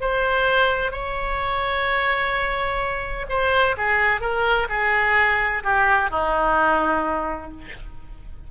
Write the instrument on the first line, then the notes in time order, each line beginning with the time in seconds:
oboe
0.00 C5
0.91 C#5
3.29 C5
3.77 G#4
4.20 A#4
4.69 G#4
5.63 G4
6.10 D#4